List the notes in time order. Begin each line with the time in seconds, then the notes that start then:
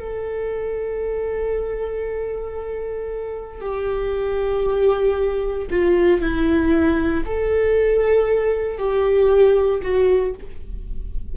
0.00 A4
3.61 G4
5.70 F4
6.21 E4
7.26 A4
8.77 G4
9.82 F#4